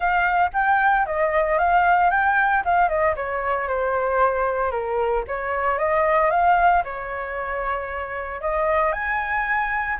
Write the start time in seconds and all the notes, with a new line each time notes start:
0.00 F5
0.53 G5
1.06 D#5
1.58 F5
2.10 G5
2.65 F5
2.88 D#5
3.16 C#5
3.67 C5
4.71 A#4
5.27 C#5
5.78 D#5
6.30 F5
6.83 C#5
8.41 D#5
8.92 G#5